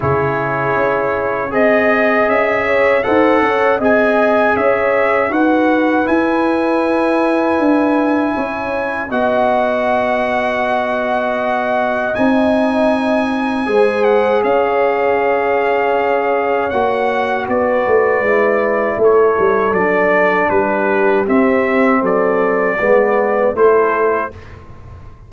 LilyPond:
<<
  \new Staff \with { instrumentName = "trumpet" } { \time 4/4 \tempo 4 = 79 cis''2 dis''4 e''4 | fis''4 gis''4 e''4 fis''4 | gis''1 | fis''1 |
gis''2~ gis''8 fis''8 f''4~ | f''2 fis''4 d''4~ | d''4 cis''4 d''4 b'4 | e''4 d''2 c''4 | }
  \new Staff \with { instrumentName = "horn" } { \time 4/4 gis'2 dis''4. cis''8 | c''8 cis''8 dis''4 cis''4 b'4~ | b'2. cis''4 | dis''1~ |
dis''2 c''4 cis''4~ | cis''2. b'4~ | b'4 a'2 g'4~ | g'4 a'4 b'4 a'4 | }
  \new Staff \with { instrumentName = "trombone" } { \time 4/4 e'2 gis'2 | a'4 gis'2 fis'4 | e'1 | fis'1 |
dis'2 gis'2~ | gis'2 fis'2 | e'2 d'2 | c'2 b4 e'4 | }
  \new Staff \with { instrumentName = "tuba" } { \time 4/4 cis4 cis'4 c'4 cis'4 | dis'8 cis'8 c'4 cis'4 dis'4 | e'2 d'4 cis'4 | b1 |
c'2 gis4 cis'4~ | cis'2 ais4 b8 a8 | gis4 a8 g8 fis4 g4 | c'4 fis4 gis4 a4 | }
>>